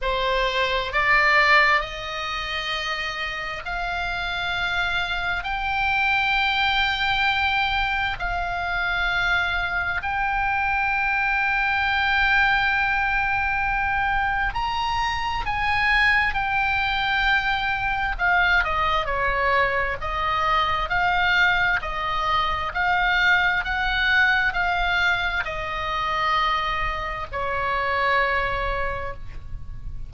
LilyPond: \new Staff \with { instrumentName = "oboe" } { \time 4/4 \tempo 4 = 66 c''4 d''4 dis''2 | f''2 g''2~ | g''4 f''2 g''4~ | g''1 |
ais''4 gis''4 g''2 | f''8 dis''8 cis''4 dis''4 f''4 | dis''4 f''4 fis''4 f''4 | dis''2 cis''2 | }